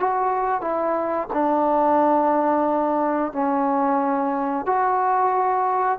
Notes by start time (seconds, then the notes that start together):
0.00 F#4
0.62 E4
1.33 D4
3.33 C#4
4.66 F#4